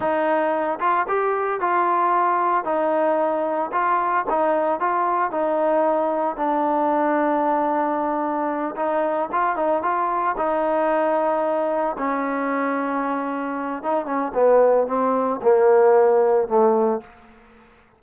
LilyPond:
\new Staff \with { instrumentName = "trombone" } { \time 4/4 \tempo 4 = 113 dis'4. f'8 g'4 f'4~ | f'4 dis'2 f'4 | dis'4 f'4 dis'2 | d'1~ |
d'8 dis'4 f'8 dis'8 f'4 dis'8~ | dis'2~ dis'8 cis'4.~ | cis'2 dis'8 cis'8 b4 | c'4 ais2 a4 | }